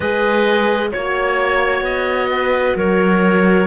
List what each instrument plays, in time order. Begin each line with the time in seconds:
0.00 cello G#3, horn G#4, clarinet B4, oboe D#5
0.92 cello A#3, horn F#4, clarinet C#5, oboe C#5
1.81 cello B3, oboe D#5
2.31 clarinet B4
2.75 cello F#3, clarinet A#4, oboe C#5